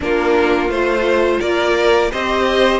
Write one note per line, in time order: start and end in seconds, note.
0.00 0.69 A#3
0.00 0.70 D4
0.00 1.40 F4
0.00 0.70 A#4
0.69 1.39 A3
0.69 2.11 F4
0.69 1.40 C5
1.40 2.12 A#3
1.40 2.10 A#4
1.40 2.11 D5
2.11 2.79 C4
2.11 2.79 G4
2.11 2.79 C5
2.11 2.79 D#5